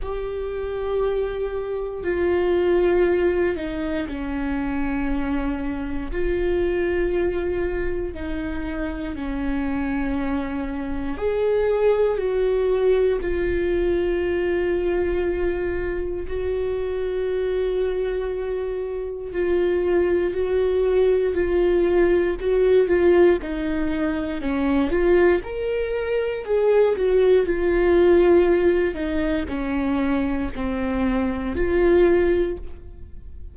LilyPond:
\new Staff \with { instrumentName = "viola" } { \time 4/4 \tempo 4 = 59 g'2 f'4. dis'8 | cis'2 f'2 | dis'4 cis'2 gis'4 | fis'4 f'2. |
fis'2. f'4 | fis'4 f'4 fis'8 f'8 dis'4 | cis'8 f'8 ais'4 gis'8 fis'8 f'4~ | f'8 dis'8 cis'4 c'4 f'4 | }